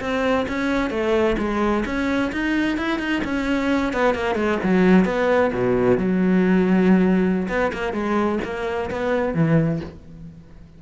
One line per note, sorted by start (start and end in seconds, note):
0.00 0.46 C4
0.48 0.90 C#4
0.90 1.36 A3
1.38 1.84 G#3
1.85 2.31 C#4
2.32 2.77 D#4
2.77 2.99 E4
2.99 3.22 D#4
3.24 3.93 C#4
3.93 4.15 B3
4.15 4.35 A#3
4.35 4.58 G#3
4.63 5.05 F#3
5.05 5.51 B3
5.53 5.98 B2
5.98 7.48 F#3
7.49 7.72 B3
7.73 7.93 A#3
7.93 8.39 G#3
8.44 8.90 A#3
8.91 9.34 B3
9.34 9.80 E3